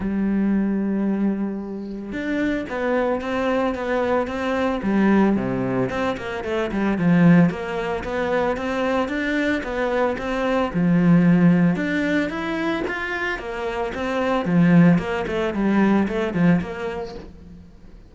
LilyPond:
\new Staff \with { instrumentName = "cello" } { \time 4/4 \tempo 4 = 112 g1 | d'4 b4 c'4 b4 | c'4 g4 c4 c'8 ais8 | a8 g8 f4 ais4 b4 |
c'4 d'4 b4 c'4 | f2 d'4 e'4 | f'4 ais4 c'4 f4 | ais8 a8 g4 a8 f8 ais4 | }